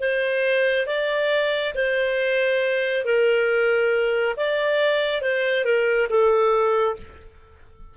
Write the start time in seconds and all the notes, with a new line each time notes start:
0.00 C5
0.87 D5
1.75 C5
3.05 A#4
4.37 D5
5.22 C5
5.65 A#4
6.09 A4